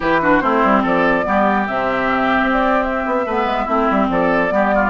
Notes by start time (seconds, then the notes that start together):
0.00 E3 E4 G4 B4
0.21 D4 F#4
0.40 A3 C4 E4 C5
0.63 G3
0.83 F3 A4 D5
1.23 G3 B3 G4
1.67 C3 C4 E5
2.42 C4
2.53 D5
2.83 E5
3.06 B3
3.26 A3 B3 B4
3.45 G#3
3.64 A3 C4 E4
3.90 G3
4.09 F3 A4 D5
4.48 G3 B3 G4
4.74 F4